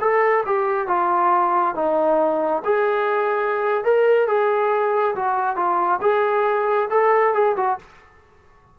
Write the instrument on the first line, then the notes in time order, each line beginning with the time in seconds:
trombone
0.00 A4
0.46 G4
0.87 F4
1.75 D#4
2.64 G#4
3.84 A#4
4.27 G#4
5.15 F#4
5.56 F4
6.02 G#4
6.90 A4
7.34 G#4
7.57 F#4